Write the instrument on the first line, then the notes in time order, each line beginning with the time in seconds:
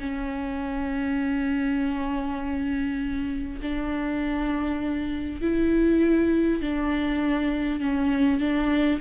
viola
0.00 C#4
3.62 D4
5.41 E4
6.62 D4
7.80 C#4
8.40 D4